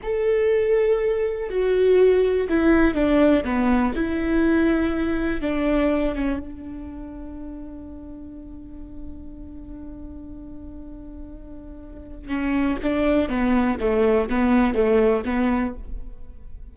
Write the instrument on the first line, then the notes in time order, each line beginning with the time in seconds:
viola
0.02 A4
1.49 F#4
2.48 E4
2.94 D4
3.44 B3
3.95 E4
5.41 D4
6.15 C#4
6.39 D4
12.28 C#4
12.82 D4
13.28 B3
13.80 A3
14.29 B3
14.74 A3
15.25 B3